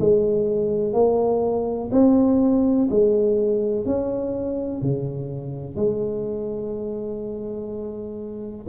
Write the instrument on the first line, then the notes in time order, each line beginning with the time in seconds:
tuba
0.00 G#3
0.93 A#3
1.92 C4
2.90 G#3
3.86 C#4
4.82 C#3
5.76 G#3